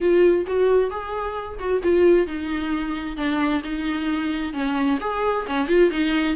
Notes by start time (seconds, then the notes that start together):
0.00 F4
0.46 F#4
0.90 G#4
1.59 F#4
1.83 F4
2.26 D#4
3.17 D4
3.63 D#4
4.53 C#4
5.00 G#4
5.46 C#4
5.68 F4
5.90 D#4